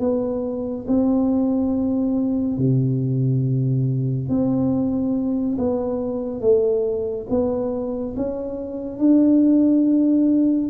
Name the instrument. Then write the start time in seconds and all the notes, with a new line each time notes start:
tuba
0.00 B3
0.88 C4
2.58 C3
4.29 C4
5.58 B3
6.41 A3
7.29 B3
8.16 C#4
8.99 D4